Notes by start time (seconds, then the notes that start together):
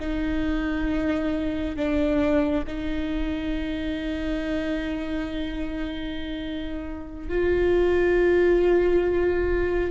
0.00 D#4
1.76 D4
2.68 D#4
7.29 F4